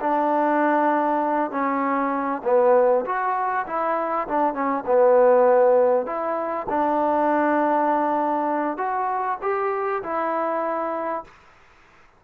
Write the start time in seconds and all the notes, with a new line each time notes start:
0.00 D4
1.51 C#4
2.44 B3
3.05 F#4
3.66 E4
4.28 D4
4.53 C#4
4.86 B3
6.06 E4
6.69 D4
8.77 F#4
9.42 G4
10.03 E4